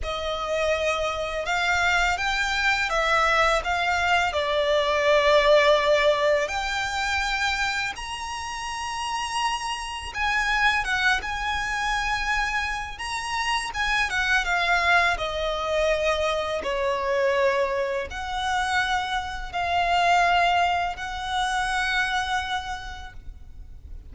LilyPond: \new Staff \with { instrumentName = "violin" } { \time 4/4 \tempo 4 = 83 dis''2 f''4 g''4 | e''4 f''4 d''2~ | d''4 g''2 ais''4~ | ais''2 gis''4 fis''8 gis''8~ |
gis''2 ais''4 gis''8 fis''8 | f''4 dis''2 cis''4~ | cis''4 fis''2 f''4~ | f''4 fis''2. | }